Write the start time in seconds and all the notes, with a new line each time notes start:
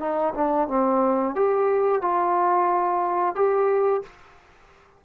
0.00 D#4
0.35 D4
0.68 C4
1.35 G4
2.02 F4
3.35 G4